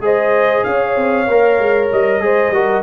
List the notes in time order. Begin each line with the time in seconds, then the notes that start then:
0.00 G#3 G#4 C5 D#5
0.64 C#4 C#5 F5
0.97 C4
1.28 A#3 A#4
1.59 G#3
1.92 G3 D#5
2.19 G#3 G#4 C5
2.51 G3 F#4 A#4